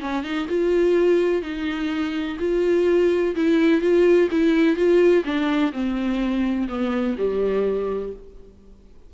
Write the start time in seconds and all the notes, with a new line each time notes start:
0.00 C#4
0.23 D#4
0.48 F4
1.42 D#4
2.39 F4
3.35 E4
3.81 F4
4.31 E4
4.76 F4
5.24 D4
5.72 C4
6.68 B3
7.17 G3